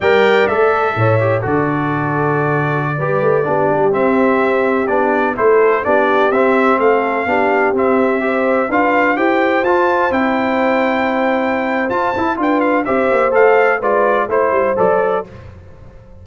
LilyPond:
<<
  \new Staff \with { instrumentName = "trumpet" } { \time 4/4 \tempo 4 = 126 g''4 e''2 d''4~ | d''1~ | d''16 e''2 d''4 c''8.~ | c''16 d''4 e''4 f''4.~ f''16~ |
f''16 e''2 f''4 g''8.~ | g''16 a''4 g''2~ g''8.~ | g''4 a''4 g''8 f''8 e''4 | f''4 d''4 c''4 d''4 | }
  \new Staff \with { instrumentName = "horn" } { \time 4/4 d''2 cis''4 a'4~ | a'2~ a'16 b'4 g'8.~ | g'2.~ g'16 a'8.~ | a'16 g'2 a'4 g'8.~ |
g'4~ g'16 c''4 b'4 c''8.~ | c''1~ | c''2 b'4 c''4~ | c''4 b'4 c''2 | }
  \new Staff \with { instrumentName = "trombone" } { \time 4/4 ais'4 a'4. g'8 fis'4~ | fis'2~ fis'16 g'4 d'8.~ | d'16 c'2 d'4 e'8.~ | e'16 d'4 c'2 d'8.~ |
d'16 c'4 g'4 f'4 g'8.~ | g'16 f'4 e'2~ e'8.~ | e'4 f'8 e'8 f'4 g'4 | a'4 f'4 e'4 a'4 | }
  \new Staff \with { instrumentName = "tuba" } { \time 4/4 g4 a4 a,4 d4~ | d2~ d16 g8 a8 b8 g16~ | g16 c'2 b4 a8.~ | a16 b4 c'4 a4 b8.~ |
b16 c'2 d'4 e'8.~ | e'16 f'4 c'2~ c'8.~ | c'4 f'8 e'8 d'4 c'8 ais8 | a4 gis4 a8 g8 fis4 | }
>>